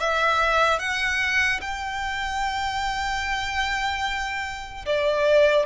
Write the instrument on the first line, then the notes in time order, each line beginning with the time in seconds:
violin
0.00 E5
0.79 F#5
1.61 G5
4.86 D5